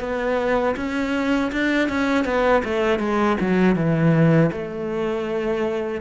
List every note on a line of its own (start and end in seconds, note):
0.00 0.75 B3
0.76 1.51 C#4
1.52 1.89 D4
1.89 2.25 C#4
2.25 2.62 B3
2.65 2.99 A3
2.99 3.37 G#3
3.41 3.75 F#3
3.75 4.50 E3
4.52 6.01 A3